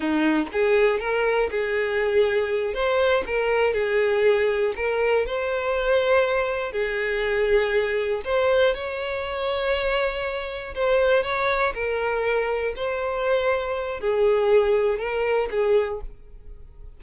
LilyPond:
\new Staff \with { instrumentName = "violin" } { \time 4/4 \tempo 4 = 120 dis'4 gis'4 ais'4 gis'4~ | gis'4. c''4 ais'4 gis'8~ | gis'4. ais'4 c''4.~ | c''4. gis'2~ gis'8~ |
gis'8 c''4 cis''2~ cis''8~ | cis''4. c''4 cis''4 ais'8~ | ais'4. c''2~ c''8 | gis'2 ais'4 gis'4 | }